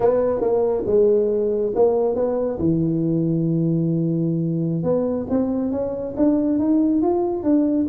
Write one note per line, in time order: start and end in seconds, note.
0.00 0.41 B3
0.41 0.84 A#3
0.86 1.72 G#3
1.75 2.15 A#3
2.15 2.58 B3
2.58 4.83 E3
4.83 5.26 B3
5.29 5.71 C4
5.71 6.14 C#4
6.16 6.58 D4
6.58 7.01 D#4
7.02 7.43 F4
7.43 7.86 D4